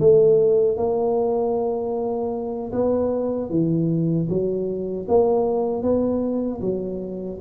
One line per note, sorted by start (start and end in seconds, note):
0.00 0.77 A3
0.77 2.72 A#3
2.72 3.50 B3
3.50 4.28 E3
4.29 5.07 F#3
5.08 5.83 A#3
5.83 6.61 B3
6.61 7.39 F#3